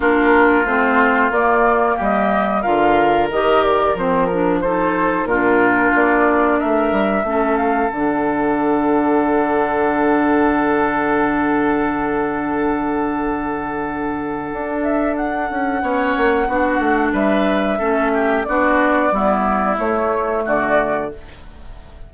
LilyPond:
<<
  \new Staff \with { instrumentName = "flute" } { \time 4/4 \tempo 4 = 91 ais'4 c''4 d''4 dis''4 | f''4 dis''8 d''8 c''8 ais'8 c''4 | ais'4 d''4 e''4. f''8 | fis''1~ |
fis''1~ | fis''2~ fis''8 e''8 fis''4~ | fis''2 e''2 | d''2 cis''4 d''4 | }
  \new Staff \with { instrumentName = "oboe" } { \time 4/4 f'2. g'4 | ais'2. a'4 | f'2 ais'4 a'4~ | a'1~ |
a'1~ | a'1 | cis''4 fis'4 b'4 a'8 g'8 | fis'4 e'2 fis'4 | }
  \new Staff \with { instrumentName = "clarinet" } { \time 4/4 d'4 c'4 ais2 | f'4 g'4 c'8 d'8 dis'4 | d'2. cis'4 | d'1~ |
d'1~ | d'1 | cis'4 d'2 cis'4 | d'4 b4 a2 | }
  \new Staff \with { instrumentName = "bassoon" } { \time 4/4 ais4 a4 ais4 g4 | d4 dis4 f2 | ais,4 ais4 a8 g8 a4 | d1~ |
d1~ | d2 d'4. cis'8 | b8 ais8 b8 a8 g4 a4 | b4 g4 a4 d4 | }
>>